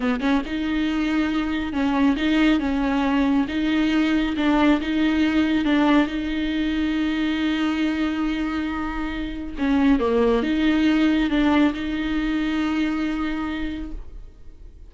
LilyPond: \new Staff \with { instrumentName = "viola" } { \time 4/4 \tempo 4 = 138 b8 cis'8 dis'2. | cis'4 dis'4 cis'2 | dis'2 d'4 dis'4~ | dis'4 d'4 dis'2~ |
dis'1~ | dis'2 cis'4 ais4 | dis'2 d'4 dis'4~ | dis'1 | }